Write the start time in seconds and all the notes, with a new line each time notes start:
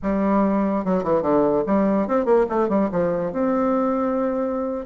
0.02 G3
0.85 F#3
1.03 E3
1.22 D3
1.66 G3
2.07 C4
2.25 A#3
2.49 A3
2.69 G3
2.91 F3
3.32 C4